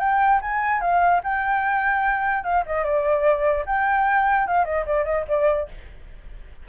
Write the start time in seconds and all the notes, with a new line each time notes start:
0.00 G5
0.42 G#5
0.81 F5
1.24 G5
2.44 F5
2.66 D#5
2.84 D5
3.66 G5
4.47 F5
4.65 D#5
4.86 D5
5.05 D#5
5.28 D5